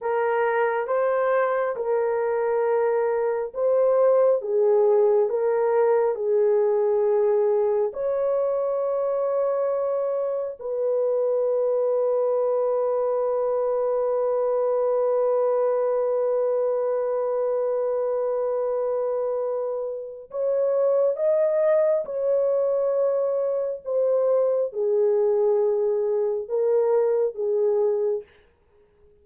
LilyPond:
\new Staff \with { instrumentName = "horn" } { \time 4/4 \tempo 4 = 68 ais'4 c''4 ais'2 | c''4 gis'4 ais'4 gis'4~ | gis'4 cis''2. | b'1~ |
b'1~ | b'2. cis''4 | dis''4 cis''2 c''4 | gis'2 ais'4 gis'4 | }